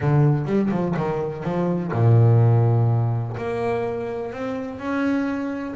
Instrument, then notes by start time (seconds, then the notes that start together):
double bass
0.00 D3
0.45 G3
0.70 F3
0.96 D#3
1.44 F3
1.92 A#2
3.37 A#3
4.32 C4
4.79 C#4